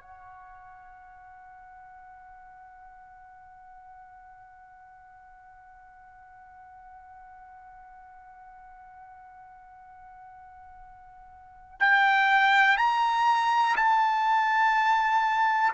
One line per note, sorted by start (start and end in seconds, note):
0.00 11.80 F#5
11.80 12.77 G5
12.77 13.76 A#5
13.77 15.73 A5